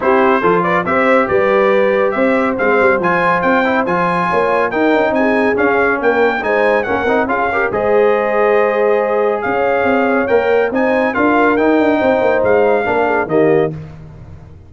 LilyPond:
<<
  \new Staff \with { instrumentName = "trumpet" } { \time 4/4 \tempo 4 = 140 c''4. d''8 e''4 d''4~ | d''4 e''4 f''4 gis''4 | g''4 gis''2 g''4 | gis''4 f''4 g''4 gis''4 |
fis''4 f''4 dis''2~ | dis''2 f''2 | g''4 gis''4 f''4 g''4~ | g''4 f''2 dis''4 | }
  \new Staff \with { instrumentName = "horn" } { \time 4/4 g'4 a'8 b'8 c''4 b'4~ | b'4 c''2.~ | c''2 cis''4 ais'4 | gis'2 ais'4 c''4 |
ais'4 gis'8 ais'8 c''2~ | c''2 cis''2~ | cis''4 c''4 ais'2 | c''2 ais'8 gis'8 g'4 | }
  \new Staff \with { instrumentName = "trombone" } { \time 4/4 e'4 f'4 g'2~ | g'2 c'4 f'4~ | f'8 e'8 f'2 dis'4~ | dis'4 cis'2 dis'4 |
cis'8 dis'8 f'8 g'8 gis'2~ | gis'1 | ais'4 dis'4 f'4 dis'4~ | dis'2 d'4 ais4 | }
  \new Staff \with { instrumentName = "tuba" } { \time 4/4 c'4 f4 c'4 g4~ | g4 c'4 gis8 g8 f4 | c'4 f4 ais4 dis'8 cis'8 | c'4 cis'4 ais4 gis4 |
ais8 c'8 cis'4 gis2~ | gis2 cis'4 c'4 | ais4 c'4 d'4 dis'8 d'8 | c'8 ais8 gis4 ais4 dis4 | }
>>